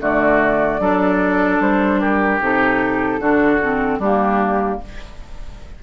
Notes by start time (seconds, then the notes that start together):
0.00 D3 A3 F#4 D5
0.80 F#3 D4 A4
1.60 G3 C5
2.00 G4 A#4
2.40 C3 D#4 A4
3.20 D3 D4 F#4
3.62 C4
3.99 G3 A#3 D4 G4